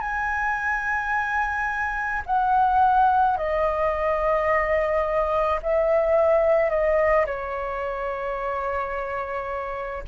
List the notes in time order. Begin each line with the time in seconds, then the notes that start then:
0.00 G#5
2.26 F#5
3.37 D#5
5.62 E5
6.70 D#5
7.26 C#5